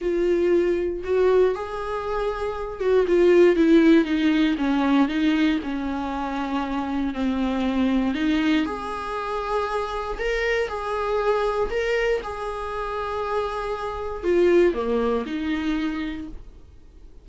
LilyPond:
\new Staff \with { instrumentName = "viola" } { \time 4/4 \tempo 4 = 118 f'2 fis'4 gis'4~ | gis'4. fis'8 f'4 e'4 | dis'4 cis'4 dis'4 cis'4~ | cis'2 c'2 |
dis'4 gis'2. | ais'4 gis'2 ais'4 | gis'1 | f'4 ais4 dis'2 | }